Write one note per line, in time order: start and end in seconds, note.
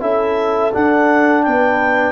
0.00 0.73 C#4
0.00 0.71 E4
0.00 1.44 A4
0.00 0.72 E5
0.73 2.12 D4
0.73 1.47 D4
0.73 1.43 F#5
1.43 2.12 B3
1.43 2.12 B4
1.43 2.12 G5